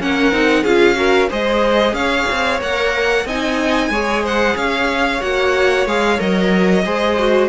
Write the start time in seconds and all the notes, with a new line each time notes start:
0.00 A#3 C#4 A#4 F#5
0.32 C4 D#4
0.64 C#4 F4 G#4 F5
0.96 F#4 A#4
1.30 G#3 G#4 C5 D#5
1.93 C#4 C#5 F5
2.31 C4
2.61 A#3 A#4 F#5
3.26 C4 D#4 D#5 G#5
3.90 G#3 G#4 C#5
4.24 C5 F#5
4.56 C#4 C#5 F5
5.21 A#3 F#4 F#5
5.87 G#3 G#4 F5
6.18 F#3 A#4 D#5
6.85 G#3 G#4 C5
7.19 F#4